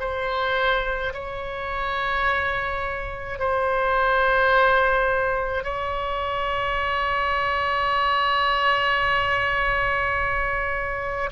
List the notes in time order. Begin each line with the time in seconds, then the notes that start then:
0.00 C5
1.14 C#5
3.39 C5
5.64 C#5